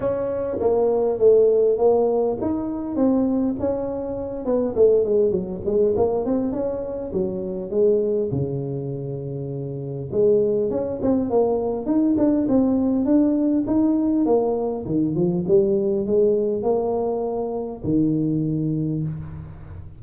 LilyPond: \new Staff \with { instrumentName = "tuba" } { \time 4/4 \tempo 4 = 101 cis'4 ais4 a4 ais4 | dis'4 c'4 cis'4. b8 | a8 gis8 fis8 gis8 ais8 c'8 cis'4 | fis4 gis4 cis2~ |
cis4 gis4 cis'8 c'8 ais4 | dis'8 d'8 c'4 d'4 dis'4 | ais4 dis8 f8 g4 gis4 | ais2 dis2 | }